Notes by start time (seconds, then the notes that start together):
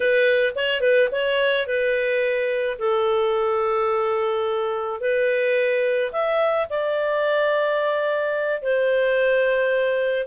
0.00 B4
0.55 C#5
0.81 B4
1.11 C#5
1.66 B4
2.79 A4
5.00 B4
6.12 E5
6.69 D5
8.62 C5